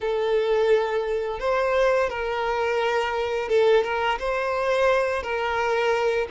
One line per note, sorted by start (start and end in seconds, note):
0.01 1.39 A4
1.39 2.09 C5
2.09 3.49 A#4
3.49 3.83 A4
3.83 4.18 A#4
4.19 5.22 C5
5.22 6.27 A#4